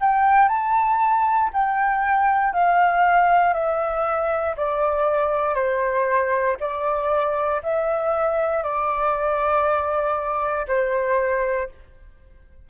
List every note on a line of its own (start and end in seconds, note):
0.00 0.49 G5
0.49 1.50 A5
1.53 2.53 G5
2.53 3.54 F5
3.54 4.55 E5
4.57 5.55 D5
5.55 6.56 C5
6.60 7.62 D5
7.63 8.63 E5
8.63 10.66 D5
10.68 11.69 C5